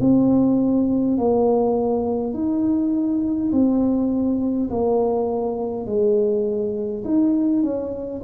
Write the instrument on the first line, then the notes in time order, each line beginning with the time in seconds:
tuba
0.00 C4
1.18 A#3
2.34 D#4
3.52 C4
4.70 A#3
5.87 G#3
7.05 D#4
7.63 C#4